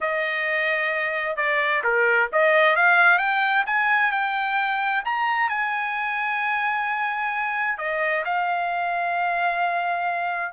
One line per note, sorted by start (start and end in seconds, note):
0.01 1.36 D#5
1.36 1.82 D5
1.83 2.29 A#4
2.32 2.76 D#5
2.76 3.18 F5
3.18 3.64 G5
3.66 4.11 G#5
4.11 5.03 G5
5.04 5.49 A#5
5.49 7.78 G#5
7.78 8.23 D#5
8.24 10.52 F5